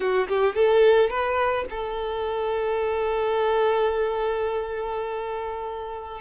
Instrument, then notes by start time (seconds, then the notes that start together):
violin
0.00 F#4
0.28 G4
0.55 A4
1.10 B4
1.70 A4